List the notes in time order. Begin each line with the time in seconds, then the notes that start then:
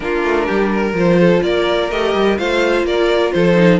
0.00 A#3 D4 F4 A#4
0.23 A3
0.46 G3 G4
0.71 A#4
0.93 F3 F4 C5
1.20 A4
1.43 A#3 A#4 D5
1.90 A3 G4 D#5
2.14 G3
2.37 A3 F4 C5 F5
2.83 A#3 A#4 D5
3.31 F3 A4 C5
3.55 D#4